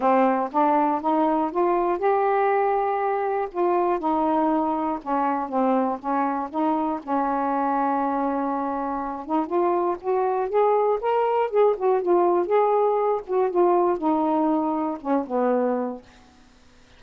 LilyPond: \new Staff \with { instrumentName = "saxophone" } { \time 4/4 \tempo 4 = 120 c'4 d'4 dis'4 f'4 | g'2. f'4 | dis'2 cis'4 c'4 | cis'4 dis'4 cis'2~ |
cis'2~ cis'8 dis'8 f'4 | fis'4 gis'4 ais'4 gis'8 fis'8 | f'4 gis'4. fis'8 f'4 | dis'2 cis'8 b4. | }